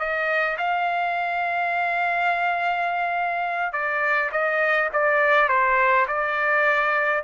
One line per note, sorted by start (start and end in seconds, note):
0.00 0.58 D#5
0.58 3.73 F5
3.73 4.31 D5
4.32 4.90 D#5
4.94 5.49 D5
5.49 6.07 C5
6.08 7.24 D5